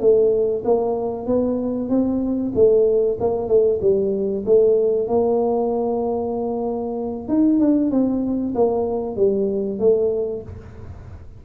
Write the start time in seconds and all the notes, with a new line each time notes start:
0.00 A3
0.65 A#3
1.26 B3
1.89 C4
2.55 A3
3.20 A#3
3.48 A3
3.82 G3
4.46 A3
5.08 A#3
7.29 D#4
7.60 D4
7.91 C4
8.55 A#3
9.16 G3
9.79 A3